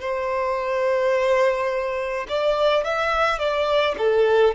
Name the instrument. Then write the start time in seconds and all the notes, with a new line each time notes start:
violin
0.00 C5
2.28 D5
2.84 E5
3.38 D5
3.98 A4